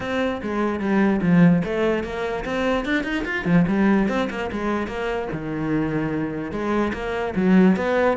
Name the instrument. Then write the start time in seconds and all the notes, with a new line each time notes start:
cello
0.00 C4
0.42 G#3
0.79 G3
1.21 F3
1.64 A3
2.03 A#3
2.44 C4
2.85 D4
3.03 D#4
3.24 F4
3.45 F3
3.67 G3
4.08 C4
4.29 A#3
4.51 G#3
4.87 A#3
5.32 D#3
6.51 G#3
6.93 A#3
7.35 F#3
7.76 B3